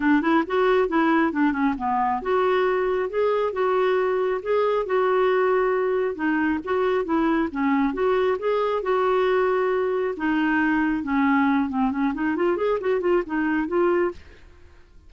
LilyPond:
\new Staff \with { instrumentName = "clarinet" } { \time 4/4 \tempo 4 = 136 d'8 e'8 fis'4 e'4 d'8 cis'8 | b4 fis'2 gis'4 | fis'2 gis'4 fis'4~ | fis'2 dis'4 fis'4 |
e'4 cis'4 fis'4 gis'4 | fis'2. dis'4~ | dis'4 cis'4. c'8 cis'8 dis'8 | f'8 gis'8 fis'8 f'8 dis'4 f'4 | }